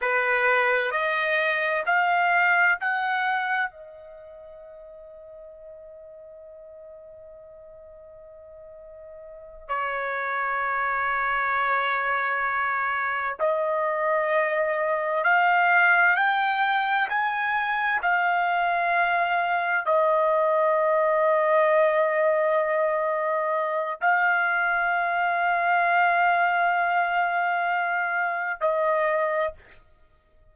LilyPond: \new Staff \with { instrumentName = "trumpet" } { \time 4/4 \tempo 4 = 65 b'4 dis''4 f''4 fis''4 | dis''1~ | dis''2~ dis''8 cis''4.~ | cis''2~ cis''8 dis''4.~ |
dis''8 f''4 g''4 gis''4 f''8~ | f''4. dis''2~ dis''8~ | dis''2 f''2~ | f''2. dis''4 | }